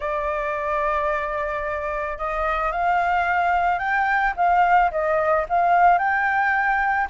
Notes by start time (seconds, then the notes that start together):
0.00 D5
2.17 D#5
2.71 F5
3.79 G5
4.36 F5
4.91 D#5
5.49 F5
5.98 G5